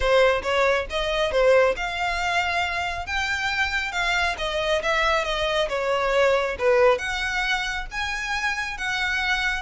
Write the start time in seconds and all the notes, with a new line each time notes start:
0.00 C5
0.42 C#5
0.90 D#5
1.31 C5
1.76 F5
3.06 G5
3.92 F5
4.38 D#5
4.82 E5
5.24 D#5
5.68 C#5
6.58 B4
6.98 F#5
7.91 G#5
8.77 F#5